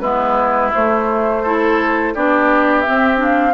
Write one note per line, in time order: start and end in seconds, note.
0.00 0.72 G#3
0.00 0.72 B3
0.00 1.42 E4
0.00 0.71 B4
0.73 1.44 A3
0.73 2.16 A3
0.73 2.15 C5
1.42 2.15 E4
1.42 2.13 A4
2.15 2.86 B3
2.15 2.86 D4
2.15 3.54 G4
2.15 2.81 D5
2.81 3.16 C4
2.81 3.16 E5
2.89 3.54 C4
3.16 3.52 D4
3.22 3.54 F5